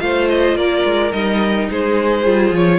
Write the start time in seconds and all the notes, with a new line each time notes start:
0.00 A3 F4 C5 F5
0.29 D#5
0.56 A#3 A#4 D5
0.84 G#3
1.11 G3 D#4 D#5
1.70 G#3 G#4 C5
2.25 G3 F4
2.51 F3 C#5